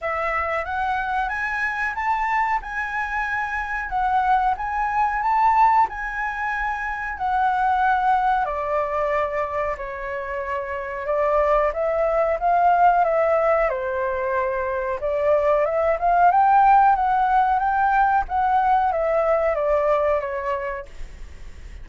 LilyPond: \new Staff \with { instrumentName = "flute" } { \time 4/4 \tempo 4 = 92 e''4 fis''4 gis''4 a''4 | gis''2 fis''4 gis''4 | a''4 gis''2 fis''4~ | fis''4 d''2 cis''4~ |
cis''4 d''4 e''4 f''4 | e''4 c''2 d''4 | e''8 f''8 g''4 fis''4 g''4 | fis''4 e''4 d''4 cis''4 | }